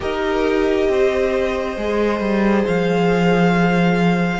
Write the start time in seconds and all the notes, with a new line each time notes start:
0.00 D#4 G4 A#4 D#5
0.88 C4 C5
1.76 G#3 G#4
2.19 G3
2.66 F3 F5